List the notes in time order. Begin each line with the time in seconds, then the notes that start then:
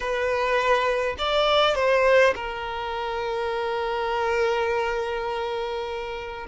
0.00 B4
1.18 D5
1.75 C5
2.35 A#4